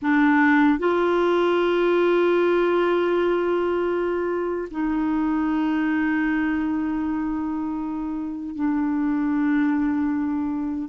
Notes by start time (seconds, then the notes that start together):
0.02 D4
0.78 F4
4.70 D#4
8.55 D4